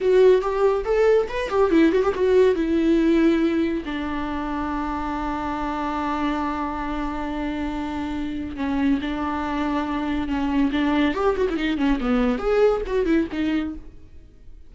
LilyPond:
\new Staff \with { instrumentName = "viola" } { \time 4/4 \tempo 4 = 140 fis'4 g'4 a'4 b'8 g'8 | e'8 fis'16 g'16 fis'4 e'2~ | e'4 d'2.~ | d'1~ |
d'1 | cis'4 d'2. | cis'4 d'4 g'8 fis'16 e'16 dis'8 cis'8 | b4 gis'4 fis'8 e'8 dis'4 | }